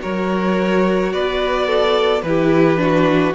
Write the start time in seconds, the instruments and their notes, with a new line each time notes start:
0.00 cello F#3, viola F#4, violin A#4 C#5
1.13 cello B3, violin B4 D5
1.67 violin A4
2.22 cello E3, viola E4, violin G4 B4
2.77 viola D4, violin F#4